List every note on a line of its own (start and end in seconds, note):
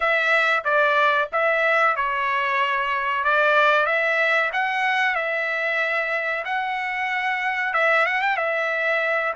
0.00 0.63 E5
0.64 1.28 D5
1.32 1.96 E5
1.96 3.23 C#5
3.23 3.86 D5
3.86 4.50 E5
4.52 5.15 F#5
5.15 6.44 E5
6.44 7.73 F#5
7.73 8.06 E5
8.06 8.21 F#5
8.21 8.36 G5
8.36 9.33 E5